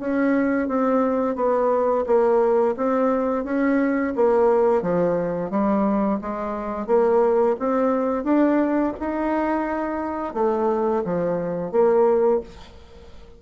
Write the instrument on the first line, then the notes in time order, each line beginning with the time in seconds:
bassoon
0.00 C#4
0.68 C4
1.36 B3
2.06 A#3
2.77 C4
3.45 C#4
4.16 A#3
4.82 F3
5.50 G3
6.21 G#3
6.87 A#3
7.60 C4
8.24 D4
9.00 D#4
10.34 A3
11.04 F3
11.71 A#3